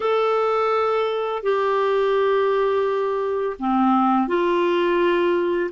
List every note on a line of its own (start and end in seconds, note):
0.00 1.42 A4
1.42 3.56 G4
3.59 4.27 C4
4.27 5.70 F4